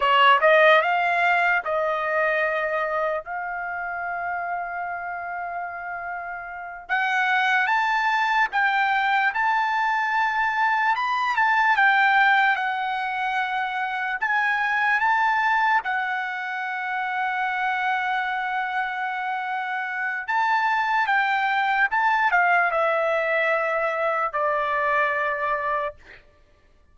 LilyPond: \new Staff \with { instrumentName = "trumpet" } { \time 4/4 \tempo 4 = 74 cis''8 dis''8 f''4 dis''2 | f''1~ | f''8 fis''4 a''4 g''4 a''8~ | a''4. b''8 a''8 g''4 fis''8~ |
fis''4. gis''4 a''4 fis''8~ | fis''1~ | fis''4 a''4 g''4 a''8 f''8 | e''2 d''2 | }